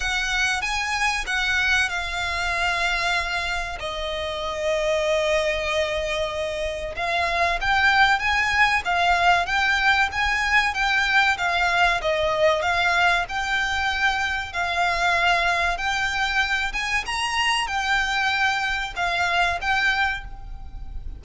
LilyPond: \new Staff \with { instrumentName = "violin" } { \time 4/4 \tempo 4 = 95 fis''4 gis''4 fis''4 f''4~ | f''2 dis''2~ | dis''2. f''4 | g''4 gis''4 f''4 g''4 |
gis''4 g''4 f''4 dis''4 | f''4 g''2 f''4~ | f''4 g''4. gis''8 ais''4 | g''2 f''4 g''4 | }